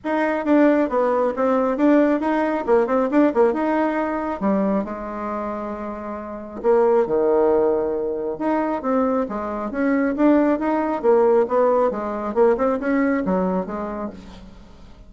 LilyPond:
\new Staff \with { instrumentName = "bassoon" } { \time 4/4 \tempo 4 = 136 dis'4 d'4 b4 c'4 | d'4 dis'4 ais8 c'8 d'8 ais8 | dis'2 g4 gis4~ | gis2. ais4 |
dis2. dis'4 | c'4 gis4 cis'4 d'4 | dis'4 ais4 b4 gis4 | ais8 c'8 cis'4 fis4 gis4 | }